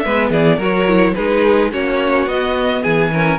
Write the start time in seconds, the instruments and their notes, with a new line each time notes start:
0.00 cello G#3, viola B3, violin B4 E5
0.30 cello E3, violin G#4 D5
0.57 cello F#3, viola F#4, violin A#4
0.63 violin C#5
0.88 viola E4
1.15 cello G#3, viola D#4, violin G#4 B4
1.72 cello A#3, viola C#4, violin F#4 C#5
2.27 cello B3, viola B3, violin D#5
2.83 cello E3, violin G#4 G#5
3.13 viola C#4, violin A#4